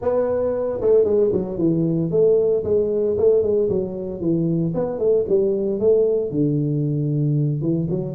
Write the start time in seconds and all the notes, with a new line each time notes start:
0.01 B3
0.81 A3
1.04 G#3
1.32 F#3
1.58 E3
2.11 A3
2.64 G#3
3.17 A3
3.42 G#3
3.69 F#3
4.20 E3
4.74 B3
4.99 A3
5.28 G3
5.79 A3
6.30 D3
7.61 E3
7.89 F#3